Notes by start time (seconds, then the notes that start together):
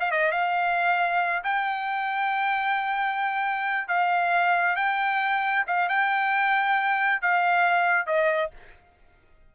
0.00 F5
0.12 D#5
0.32 F5
1.44 G5
3.88 F5
4.76 G5
5.67 F5
5.89 G5
7.22 F5
8.07 D#5